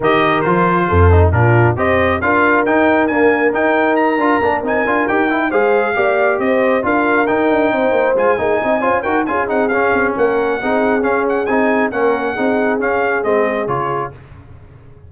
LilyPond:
<<
  \new Staff \with { instrumentName = "trumpet" } { \time 4/4 \tempo 4 = 136 dis''4 c''2 ais'4 | dis''4 f''4 g''4 gis''4 | g''4 ais''4. gis''4 g''8~ | g''8 f''2 dis''4 f''8~ |
f''8 g''2 gis''4.~ | gis''8 g''8 gis''8 fis''8 f''4 fis''4~ | fis''4 f''8 fis''8 gis''4 fis''4~ | fis''4 f''4 dis''4 cis''4 | }
  \new Staff \with { instrumentName = "horn" } { \time 4/4 ais'2 a'4 f'4 | c''4 ais'2.~ | ais'1~ | ais'8 c''4 d''4 c''4 ais'8~ |
ais'4. c''4. gis'8 dis''8 | c''8 ais'8 gis'2 ais'4 | gis'2. ais'4 | gis'1 | }
  \new Staff \with { instrumentName = "trombone" } { \time 4/4 g'4 f'4. dis'8 d'4 | g'4 f'4 dis'4 ais4 | dis'4. f'8 d'8 dis'8 f'8 g'8 | e'8 gis'4 g'2 f'8~ |
f'8 dis'2 f'8 dis'4 | f'8 fis'8 f'8 dis'8 cis'2 | dis'4 cis'4 dis'4 cis'4 | dis'4 cis'4 c'4 f'4 | }
  \new Staff \with { instrumentName = "tuba" } { \time 4/4 dis4 f4 f,4 ais,4 | c'4 d'4 dis'4 d'4 | dis'4. d'8 ais8 c'8 d'8 dis'8~ | dis'8 gis4 ais4 c'4 d'8~ |
d'8 dis'8 d'8 c'8 ais8 gis8 ais8 c'8 | cis'8 dis'8 cis'8 c'8 cis'8 c'8 ais4 | c'4 cis'4 c'4 ais4 | c'4 cis'4 gis4 cis4 | }
>>